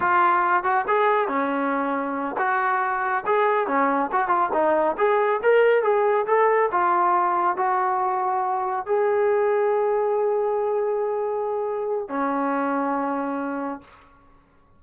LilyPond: \new Staff \with { instrumentName = "trombone" } { \time 4/4 \tempo 4 = 139 f'4. fis'8 gis'4 cis'4~ | cis'4. fis'2 gis'8~ | gis'8 cis'4 fis'8 f'8 dis'4 gis'8~ | gis'8 ais'4 gis'4 a'4 f'8~ |
f'4. fis'2~ fis'8~ | fis'8 gis'2.~ gis'8~ | gis'1 | cis'1 | }